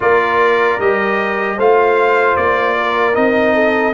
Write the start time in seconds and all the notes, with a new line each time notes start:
0.00 A#3 F4 A#4 D5
0.79 G3 G4 D#5
1.57 A3 F4 C5 F5
2.36 A#3 D5
2.77 A#4
3.13 C4 D#4 D#5
3.54 A4